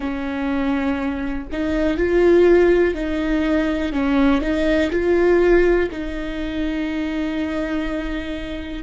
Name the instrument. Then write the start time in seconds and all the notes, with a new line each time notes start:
viola
0.00 C#4
1.52 D#4
1.97 F4
2.94 D#4
3.92 C#4
4.41 D#4
4.91 F4
5.91 D#4